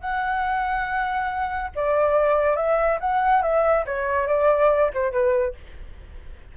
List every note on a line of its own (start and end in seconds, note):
0.00 1.70 F#5
1.75 2.56 D5
2.56 2.98 E5
3.00 3.42 F#5
3.42 3.85 E5
3.85 4.27 C#5
4.27 4.91 D5
4.94 5.11 C5
5.11 5.54 B4